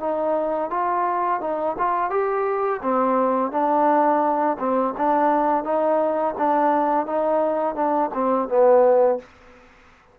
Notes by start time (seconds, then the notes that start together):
0.00 D#4
0.71 F4
1.41 D#4
1.78 F4
2.10 G4
2.83 C4
3.52 D4
4.59 C4
4.98 D4
5.64 D#4
6.38 D4
7.07 D#4
7.75 D4
8.14 C4
8.49 B3